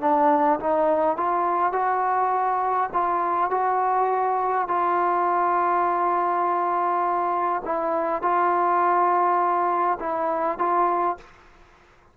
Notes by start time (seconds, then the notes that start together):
0.00 D4
0.59 D#4
1.17 F4
1.72 F#4
2.93 F4
3.50 F#4
4.68 F4
7.64 E4
8.22 F4
9.99 E4
10.58 F4